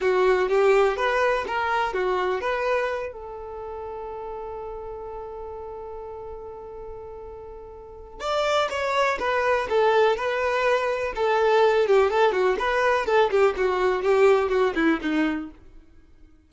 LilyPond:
\new Staff \with { instrumentName = "violin" } { \time 4/4 \tempo 4 = 124 fis'4 g'4 b'4 ais'4 | fis'4 b'4. a'4.~ | a'1~ | a'1~ |
a'4 d''4 cis''4 b'4 | a'4 b'2 a'4~ | a'8 g'8 a'8 fis'8 b'4 a'8 g'8 | fis'4 g'4 fis'8 e'8 dis'4 | }